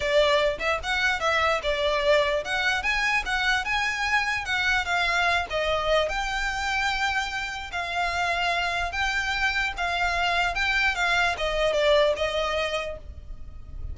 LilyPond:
\new Staff \with { instrumentName = "violin" } { \time 4/4 \tempo 4 = 148 d''4. e''8 fis''4 e''4 | d''2 fis''4 gis''4 | fis''4 gis''2 fis''4 | f''4. dis''4. g''4~ |
g''2. f''4~ | f''2 g''2 | f''2 g''4 f''4 | dis''4 d''4 dis''2 | }